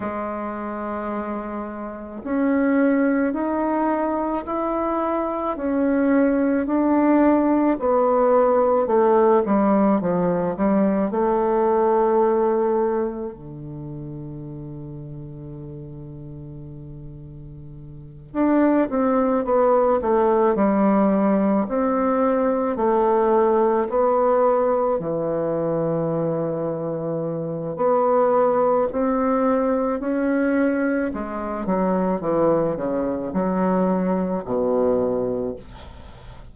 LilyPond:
\new Staff \with { instrumentName = "bassoon" } { \time 4/4 \tempo 4 = 54 gis2 cis'4 dis'4 | e'4 cis'4 d'4 b4 | a8 g8 f8 g8 a2 | d1~ |
d8 d'8 c'8 b8 a8 g4 c'8~ | c'8 a4 b4 e4.~ | e4 b4 c'4 cis'4 | gis8 fis8 e8 cis8 fis4 b,4 | }